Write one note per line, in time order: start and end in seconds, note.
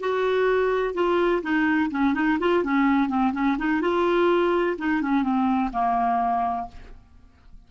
0.00 0.94 F#4
0.94 1.41 F4
1.42 1.90 D#4
1.90 2.14 C#4
2.14 2.38 D#4
2.40 2.63 F4
2.63 3.08 C#4
3.08 3.32 C4
3.33 3.57 C#4
3.58 3.81 D#4
3.81 4.76 F4
4.78 5.01 D#4
5.01 5.23 C#4
5.23 5.70 C4
5.72 6.67 A#3